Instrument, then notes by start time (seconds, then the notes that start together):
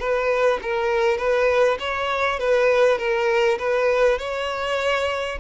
violin
0.00 B4
0.62 A#4
1.18 B4
1.80 C#5
2.40 B4
2.98 A#4
3.59 B4
4.19 C#5